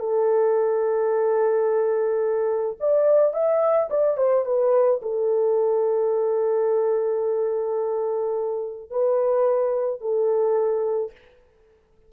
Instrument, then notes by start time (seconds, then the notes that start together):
horn
0.00 A4
2.81 D5
3.34 E5
3.91 D5
4.18 C5
4.46 B4
5.03 A4
8.91 B4
10.01 A4